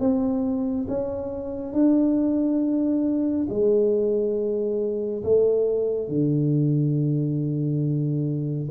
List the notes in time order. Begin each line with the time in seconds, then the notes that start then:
0.00 C4
0.88 C#4
1.73 D4
3.49 G#3
5.24 A3
6.08 D3